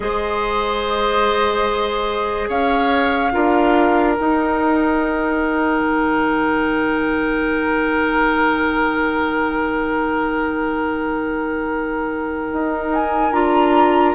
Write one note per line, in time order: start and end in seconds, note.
0.00 2.49 G#3
0.00 3.32 G#4
0.00 2.48 C5
0.00 2.49 D#5
2.48 3.32 C#4
2.48 3.32 C#5
2.48 4.12 F5
3.32 4.18 D4
3.32 4.15 F4
3.32 14.15 A#4
4.12 13.33 D#4
4.12 12.87 G5
4.20 5.80 D#4
5.80 12.46 D#3
12.53 13.31 D#4
12.93 13.32 G#5
13.31 14.15 D4
13.31 14.15 F4
13.31 14.15 A#5